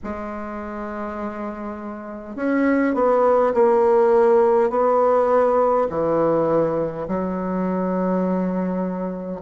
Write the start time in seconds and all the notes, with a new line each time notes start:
0.03 G#3
2.36 C#4
2.94 B3
3.53 A#3
4.70 B3
5.89 E3
7.07 F#3